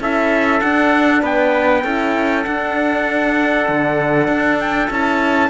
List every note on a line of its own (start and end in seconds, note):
0.00 0.61 C#4
0.00 0.62 E4
0.00 1.22 A4
0.00 0.60 E5
0.60 1.84 D4
0.60 1.23 D4
0.60 1.21 F#5
1.22 1.84 B3
1.22 1.84 B4
1.22 2.44 G5
1.84 2.45 C#4
1.84 2.44 E4
1.84 5.49 A4
2.44 4.89 D4
2.44 3.68 D4
2.44 4.58 F#5
3.68 4.27 D3
4.27 4.89 D4
4.59 4.90 G5
4.90 5.49 C#4
4.90 5.49 E4
4.90 5.49 A5